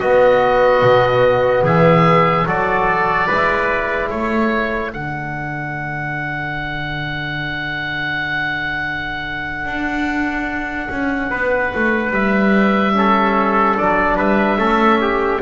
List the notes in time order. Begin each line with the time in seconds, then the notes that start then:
0.00 B3 F#4 D#5
0.83 B2
1.63 E3 G#4 E5
2.46 F#3 F#4 A4 D5
3.27 G#3 E4 B4
4.10 A3 A4 C#5
4.94 D3 D4 F#5
9.66 D4
10.91 C#4
11.31 B3 B4
11.76 A3
12.12 G3 E5
12.95 C#4 A4
13.76 F#3 D4 D5
14.17 G3 B4 E5
14.58 A3 C#4 A4
15.02 G4